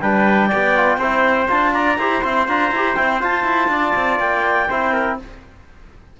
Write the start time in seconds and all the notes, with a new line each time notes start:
0.00 G3 D4 B4 G5
0.47 G4 D5
0.54 B3
0.75 F4
0.97 C4 E4 C5
1.47 D4 F4 A5
1.73 D5 A#5
1.98 E4 G4 C5
2.21 C4 E4 C6
2.47 D4 F4 A#5
2.71 E4 G4
2.94 C4 E4 G5
3.19 F4 A5
3.44 E4
3.67 D4 D5
3.95 C4
4.19 A#3 G5
4.69 C4 E4 C5
4.93 A#4